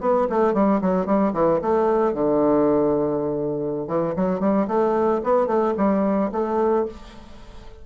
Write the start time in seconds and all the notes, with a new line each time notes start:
0.00 B3
0.29 A3
0.53 G3
0.81 F#3
1.06 G3
1.33 E3
1.61 A3
2.13 D3
3.87 E3
4.16 F#3
4.40 G3
4.67 A3
5.23 B3
5.46 A3
5.77 G3
6.31 A3